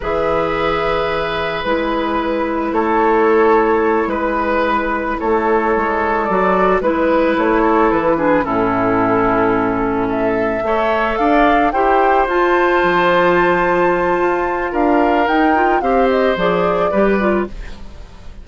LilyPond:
<<
  \new Staff \with { instrumentName = "flute" } { \time 4/4 \tempo 4 = 110 e''2. b'4~ | b'4 cis''2~ cis''8 b'8~ | b'4. cis''2 d''8~ | d''8 b'4 cis''4 b'4 a'8~ |
a'2~ a'8 e''4.~ | e''8 f''4 g''4 a''4.~ | a''2. f''4 | g''4 f''8 dis''8 d''2 | }
  \new Staff \with { instrumentName = "oboe" } { \time 4/4 b'1~ | b'4 a'2~ a'8 b'8~ | b'4. a'2~ a'8~ | a'8 b'4. a'4 gis'8 e'8~ |
e'2~ e'8 a'4 cis''8~ | cis''8 d''4 c''2~ c''8~ | c''2. ais'4~ | ais'4 c''2 b'4 | }
  \new Staff \with { instrumentName = "clarinet" } { \time 4/4 gis'2. e'4~ | e'1~ | e'2.~ e'8 fis'8~ | fis'8 e'2~ e'8 d'8 cis'8~ |
cis'2.~ cis'8 a'8~ | a'4. g'4 f'4.~ | f'1 | dis'8 f'8 g'4 gis'4 g'8 f'8 | }
  \new Staff \with { instrumentName = "bassoon" } { \time 4/4 e2. gis4~ | gis4 a2~ a8 gis8~ | gis4. a4 gis4 fis8~ | fis8 gis4 a4 e4 a,8~ |
a,2.~ a,8 a8~ | a8 d'4 e'4 f'4 f8~ | f2 f'4 d'4 | dis'4 c'4 f4 g4 | }
>>